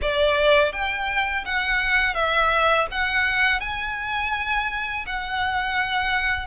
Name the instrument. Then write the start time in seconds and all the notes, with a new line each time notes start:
violin
0.01 D5
0.72 G5
1.45 F#5
2.14 E5
2.91 F#5
3.60 G#5
5.06 F#5